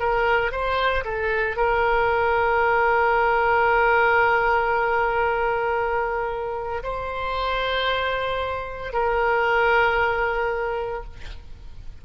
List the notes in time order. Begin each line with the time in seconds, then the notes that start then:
0.00 A#4
0.52 C5
1.05 A4
1.57 A#4
6.84 C5
8.93 A#4